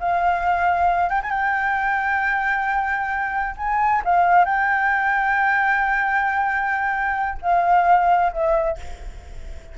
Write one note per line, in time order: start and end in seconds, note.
0.00 1.10 F5
1.10 1.21 G5
1.22 1.30 G#5
1.30 3.56 G5
3.57 4.02 G#5
4.05 4.45 F5
4.45 7.38 G5
7.42 8.32 F5
8.33 8.78 E5